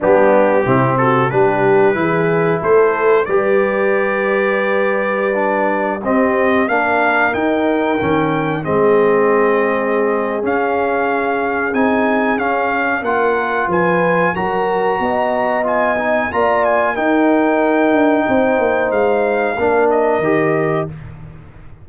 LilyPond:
<<
  \new Staff \with { instrumentName = "trumpet" } { \time 4/4 \tempo 4 = 92 g'4. a'8 b'2 | c''4 d''2.~ | d''4~ d''16 dis''4 f''4 g''8.~ | g''4~ g''16 dis''2~ dis''8. |
f''2 gis''4 f''4 | fis''4 gis''4 ais''2 | gis''4 ais''8 gis''8 g''2~ | g''4 f''4. dis''4. | }
  \new Staff \with { instrumentName = "horn" } { \time 4/4 d'4 e'8 fis'8 g'4 gis'4 | a'4 b'2.~ | b'4~ b'16 g'4 ais'4.~ ais'16~ | ais'4~ ais'16 gis'2~ gis'8.~ |
gis'1 | ais'4 b'4 ais'4 dis''4~ | dis''4 d''4 ais'2 | c''2 ais'2 | }
  \new Staff \with { instrumentName = "trombone" } { \time 4/4 b4 c'4 d'4 e'4~ | e'4 g'2.~ | g'16 d'4 c'4 d'4 dis'8.~ | dis'16 cis'4 c'2~ c'8. |
cis'2 dis'4 cis'4 | f'2 fis'2 | f'8 dis'8 f'4 dis'2~ | dis'2 d'4 g'4 | }
  \new Staff \with { instrumentName = "tuba" } { \time 4/4 g4 c4 g4 e4 | a4 g2.~ | g4~ g16 c'4 ais4 dis'8.~ | dis'16 dis4 gis2~ gis8. |
cis'2 c'4 cis'4 | ais4 f4 fis4 b4~ | b4 ais4 dis'4. d'8 | c'8 ais8 gis4 ais4 dis4 | }
>>